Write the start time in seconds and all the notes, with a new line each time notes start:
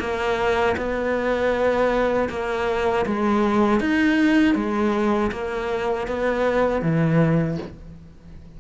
0.00 A#3
0.77 B3
2.30 A#3
3.06 G#3
3.80 D#4
4.55 G#3
5.32 A#3
6.08 B3
6.82 E3